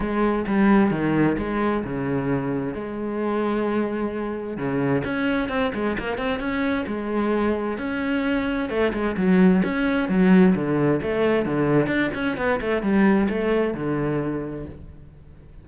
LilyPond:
\new Staff \with { instrumentName = "cello" } { \time 4/4 \tempo 4 = 131 gis4 g4 dis4 gis4 | cis2 gis2~ | gis2 cis4 cis'4 | c'8 gis8 ais8 c'8 cis'4 gis4~ |
gis4 cis'2 a8 gis8 | fis4 cis'4 fis4 d4 | a4 d4 d'8 cis'8 b8 a8 | g4 a4 d2 | }